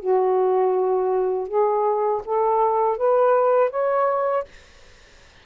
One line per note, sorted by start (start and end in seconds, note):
0.00 1.48 F#4
1.48 2.22 G#4
2.26 2.98 A4
2.98 3.71 B4
3.71 4.45 C#5